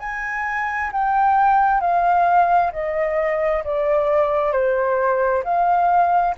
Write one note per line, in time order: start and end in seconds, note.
0.00 0.91 G#5
0.93 1.81 G5
1.81 2.72 F5
2.73 3.64 D#5
3.65 4.52 D5
4.52 5.43 C5
5.44 6.35 F5